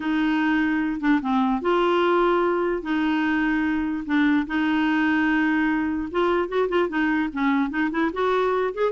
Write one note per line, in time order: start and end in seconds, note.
0.00 1.00 D#4
1.00 1.20 D4
1.21 1.61 C4
1.61 2.82 F4
2.82 4.04 D#4
4.05 4.46 D4
4.46 6.08 D#4
6.11 6.48 F4
6.48 6.68 F#4
6.69 6.88 F4
6.88 7.29 D#4
7.32 7.70 C#4
7.70 7.90 D#4
7.91 8.11 E4
8.12 8.73 F#4
8.74 8.92 G#4